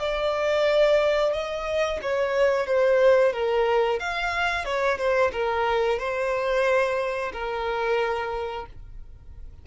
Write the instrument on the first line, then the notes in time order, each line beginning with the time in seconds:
violin
0.00 D5
1.33 D#5
2.02 C#5
2.67 C5
3.33 A#4
4.00 F5
4.65 C#5
4.98 C5
5.32 A#4
5.99 C5
7.33 A#4